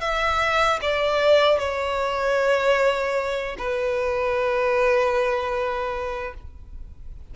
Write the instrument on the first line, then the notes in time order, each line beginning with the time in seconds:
violin
0.00 E5
0.81 D5
1.58 C#5
3.57 B4